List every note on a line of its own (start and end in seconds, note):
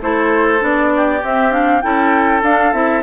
0.00 0.61 A3
0.00 0.59 E4
0.00 0.93 A4
0.00 0.63 C5
0.59 1.22 B3
0.59 1.20 D4
0.59 1.23 D5
0.96 1.83 G4
1.22 1.83 C4
1.22 1.51 C4
1.22 1.52 E5
1.51 1.81 D4
1.51 1.81 F5
1.81 2.42 C#4
1.81 2.42 E4
1.81 3.03 A4
1.81 2.41 G5
2.42 2.72 D4
2.42 2.73 F5
2.72 3.03 C4
2.72 3.03 E4
2.72 3.03 E5